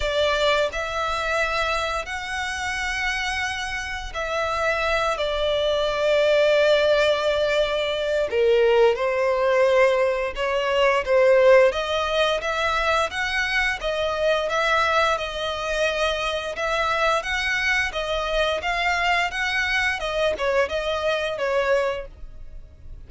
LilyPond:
\new Staff \with { instrumentName = "violin" } { \time 4/4 \tempo 4 = 87 d''4 e''2 fis''4~ | fis''2 e''4. d''8~ | d''1 | ais'4 c''2 cis''4 |
c''4 dis''4 e''4 fis''4 | dis''4 e''4 dis''2 | e''4 fis''4 dis''4 f''4 | fis''4 dis''8 cis''8 dis''4 cis''4 | }